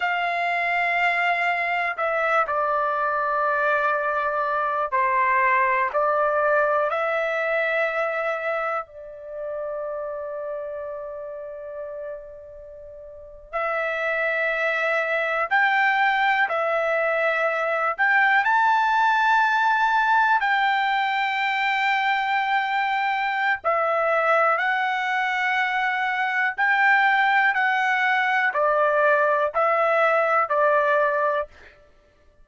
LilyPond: \new Staff \with { instrumentName = "trumpet" } { \time 4/4 \tempo 4 = 61 f''2 e''8 d''4.~ | d''4 c''4 d''4 e''4~ | e''4 d''2.~ | d''4.~ d''16 e''2 g''16~ |
g''8. e''4. g''8 a''4~ a''16~ | a''8. g''2.~ g''16 | e''4 fis''2 g''4 | fis''4 d''4 e''4 d''4 | }